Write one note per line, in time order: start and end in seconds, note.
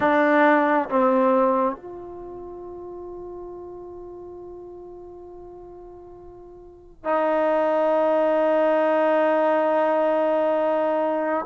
0.00 0.88 D4
0.89 1.76 C4
1.76 7.04 F4
7.04 11.45 D#4